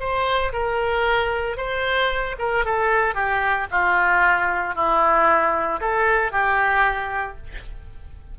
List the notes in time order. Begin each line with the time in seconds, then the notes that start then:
0.00 C5
0.53 A#4
1.57 C5
2.39 A#4
2.65 A4
3.15 G4
3.72 F4
4.75 E4
5.81 A4
6.32 G4